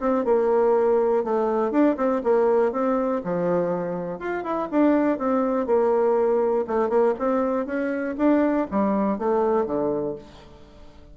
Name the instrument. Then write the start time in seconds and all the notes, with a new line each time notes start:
bassoon
0.00 C4
0.25 A#3
1.24 A3
1.71 D4
1.97 C4
2.23 A#3
2.72 C4
3.24 F3
4.19 F4
4.44 E4
4.71 D4
5.18 C4
5.66 A#3
6.67 A3
6.89 A#3
7.19 C4
7.66 C#4
8.17 D4
8.71 G3
9.18 A3
9.65 D3